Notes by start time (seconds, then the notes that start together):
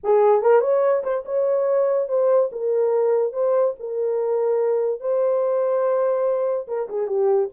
0.03 G#4
0.42 A#4
0.61 C#5
1.03 C5
1.25 C#5
2.08 C5
2.52 A#4
3.32 C5
3.79 A#4
5.00 C5
6.67 A#4
6.89 G#4
7.07 G4